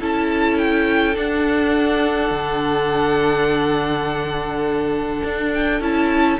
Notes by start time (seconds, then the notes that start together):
0.00 C#4 E4 A4 A5
0.58 G5
1.14 D4 F#5
2.31 D3
5.24 D4
5.53 G5
5.80 C#4 E4 A5